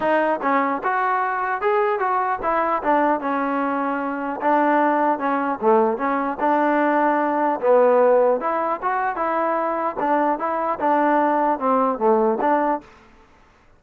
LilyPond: \new Staff \with { instrumentName = "trombone" } { \time 4/4 \tempo 4 = 150 dis'4 cis'4 fis'2 | gis'4 fis'4 e'4 d'4 | cis'2. d'4~ | d'4 cis'4 a4 cis'4 |
d'2. b4~ | b4 e'4 fis'4 e'4~ | e'4 d'4 e'4 d'4~ | d'4 c'4 a4 d'4 | }